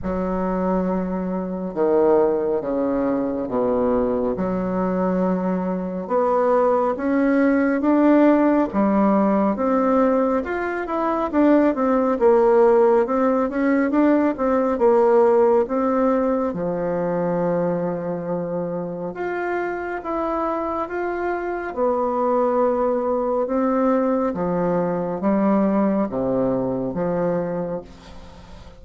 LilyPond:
\new Staff \with { instrumentName = "bassoon" } { \time 4/4 \tempo 4 = 69 fis2 dis4 cis4 | b,4 fis2 b4 | cis'4 d'4 g4 c'4 | f'8 e'8 d'8 c'8 ais4 c'8 cis'8 |
d'8 c'8 ais4 c'4 f4~ | f2 f'4 e'4 | f'4 b2 c'4 | f4 g4 c4 f4 | }